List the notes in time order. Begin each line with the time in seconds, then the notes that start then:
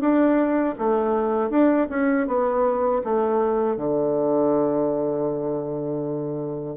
0.00 D4
0.78 A3
1.50 D4
1.90 C#4
2.27 B3
3.04 A3
3.77 D3